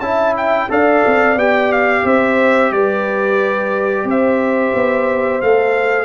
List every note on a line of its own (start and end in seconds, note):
0.00 0.67 C#4
0.00 0.70 E4
0.00 0.70 E5
0.00 0.35 A5
0.37 0.71 G5
0.70 1.04 D4
0.70 1.37 A4
0.70 2.05 D5
0.70 1.39 F5
1.06 1.36 C4
1.36 2.03 B3
1.36 5.43 G4
1.36 1.73 G5
1.73 2.07 F5
2.05 2.71 C4
2.05 2.72 C5
2.05 2.73 E5
2.71 4.05 G3
2.71 4.06 B4
2.71 4.08 D5
4.05 4.72 C4
4.05 6.05 C5
4.05 5.42 E5
4.75 5.42 B3
5.42 6.05 A3
5.42 6.05 A4
5.42 6.05 F5